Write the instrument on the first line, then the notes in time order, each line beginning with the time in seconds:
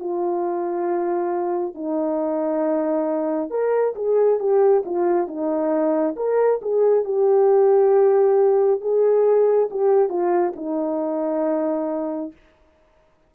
horn
0.00 F4
1.74 D#4
3.50 A#4
3.95 G#4
4.39 G4
4.85 F4
5.27 D#4
6.16 A#4
6.62 G#4
7.05 G4
8.81 G#4
9.71 G4
10.09 F4
10.56 D#4